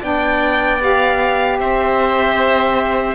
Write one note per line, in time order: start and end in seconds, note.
0.00 1.60 B3
0.00 0.80 D4
0.00 1.58 D5
0.00 0.82 G5
0.80 3.14 G4
0.80 1.60 F5
1.60 3.14 C4
1.60 3.14 C5
1.60 3.14 E5